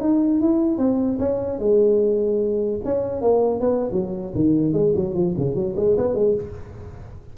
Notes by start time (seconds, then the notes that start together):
0.00 D#4
0.41 E4
0.78 C4
1.19 C#4
1.59 G#3
2.85 C#4
3.21 A#3
3.60 B3
3.92 F#3
4.34 D#3
4.73 G#3
4.95 F#3
5.14 F3
5.37 C#3
5.55 F#3
5.76 G#3
5.97 B3
6.14 G#3